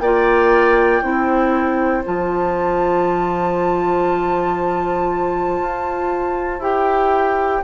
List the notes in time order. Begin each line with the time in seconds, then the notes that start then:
0.00 A#3 F4 D5 G5
1.03 C4 E4 C5
2.04 F3 F4 A5
5.61 F4
6.59 E4 G4 G5